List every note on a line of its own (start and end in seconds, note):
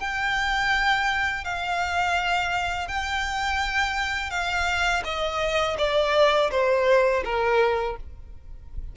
0.00 1.44 G5
1.44 2.88 F5
2.88 4.30 G5
4.30 5.03 F5
5.04 5.77 D#5
5.78 6.50 D5
6.51 7.23 C5
7.24 7.96 A#4